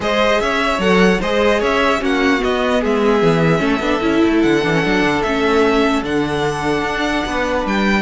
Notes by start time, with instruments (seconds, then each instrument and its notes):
0.00 cello G#3, viola G#4, violin C5 D#5
0.40 cello C#4, violin C#5 E5
0.78 cello F#3, viola A4, violin F#5
1.20 cello G#3, viola G#4, violin C5 D#5
1.59 cello C#4, violin C#5 E5
1.99 cello A#3, viola C#4, violin F#4 F#5
2.38 viola B3, cello B3, violin D#5
2.80 cello G#3, violin G#4 E5
3.22 cello E3
3.58 cello A3, viola C#4
3.65 violin A4
3.79 cello B3, viola D4
4.01 cello C#4, viola E4
4.24 cello A3
4.42 cello D3, violin F#5
4.64 cello E3, viola D4
4.73 viola C#4
4.83 cello F#3, viola D4
5.02 cello D3
5.22 cello A3, viola C#4, violin E5
6.02 cello D3, viola D4, violin F#5
6.82 cello D4
7.25 cello B3, violin B4
7.65 cello G3, violin G5